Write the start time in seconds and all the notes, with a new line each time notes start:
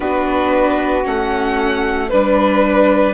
0.00 B3 D4 F#4 B4
1.04 A3 C#4 F#5
2.09 G3 D4 B4